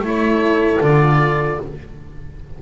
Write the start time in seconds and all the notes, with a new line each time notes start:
0.00 A3 E4
0.06 A4 C#5
0.80 D3 F4 D5